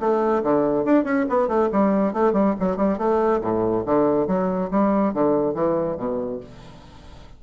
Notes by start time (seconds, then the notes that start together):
0.00 A3
0.43 D3
0.85 D4
1.04 C#4
1.29 B3
1.48 A3
1.72 G3
2.13 A3
2.33 G3
2.60 F#3
2.77 G3
2.98 A3
3.41 A2
3.86 D3
4.27 F#3
4.71 G3
5.14 D3
5.54 E3
5.97 B2